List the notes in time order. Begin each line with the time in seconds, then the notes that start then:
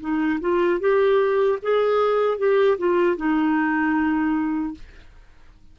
0.00 D#4
0.40 F4
0.80 G4
1.62 G#4
2.38 G4
2.77 F4
3.17 D#4